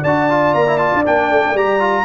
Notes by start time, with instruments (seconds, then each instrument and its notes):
0.00 tuba D4, horn D5, trumpet A5
0.06 trombone F#4
0.29 trombone F4
0.54 tuba A#3, trumpet A#5
0.67 trombone E4
0.78 trombone F4, trumpet A5
0.94 tuba D4
1.05 tuba A#3, trombone D4, trumpet G5
1.30 tuba A3
1.46 tuba A#3
1.54 tuba G3, trombone G4, trumpet A#5
1.80 trombone F4